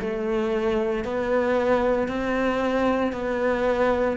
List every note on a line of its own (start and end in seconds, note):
0.00 1.04 A3
1.04 2.08 B3
2.08 3.12 C4
3.12 4.17 B3